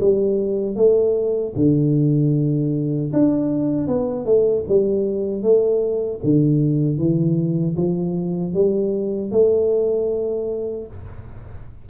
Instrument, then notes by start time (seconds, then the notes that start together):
tuba
0.00 G3
0.76 A3
1.56 D3
3.13 D4
3.87 B3
4.25 A3
4.68 G3
5.42 A3
6.23 D3
6.98 E3
7.76 F3
8.54 G3
9.31 A3